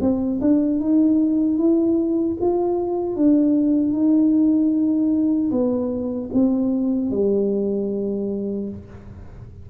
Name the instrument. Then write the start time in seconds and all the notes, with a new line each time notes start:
tuba
0.00 C4
0.41 D4
0.80 D#4
1.58 E4
2.40 F4
3.16 D4
3.93 D#4
5.51 B3
6.33 C4
7.11 G3